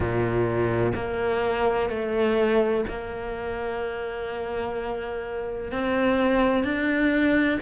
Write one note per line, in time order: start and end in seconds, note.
0.00 0.92 A#2
0.94 1.89 A#3
1.89 2.84 A3
2.88 5.71 A#3
5.71 6.64 C4
6.64 7.59 D4